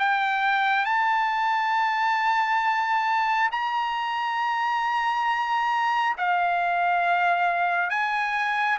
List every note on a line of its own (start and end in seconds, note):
0.00 0.85 G5
0.85 3.50 A5
3.52 6.17 A#5
6.18 7.90 F5
7.90 8.78 G#5